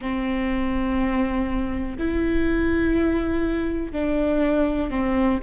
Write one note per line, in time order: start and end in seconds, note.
0.00 1.97 C4
1.98 3.92 E4
3.92 4.90 D4
4.90 5.39 C4